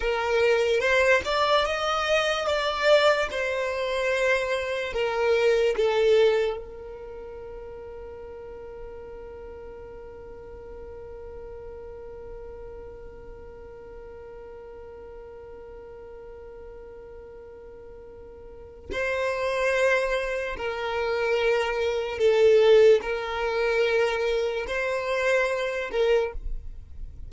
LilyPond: \new Staff \with { instrumentName = "violin" } { \time 4/4 \tempo 4 = 73 ais'4 c''8 d''8 dis''4 d''4 | c''2 ais'4 a'4 | ais'1~ | ais'1~ |
ais'1~ | ais'2. c''4~ | c''4 ais'2 a'4 | ais'2 c''4. ais'8 | }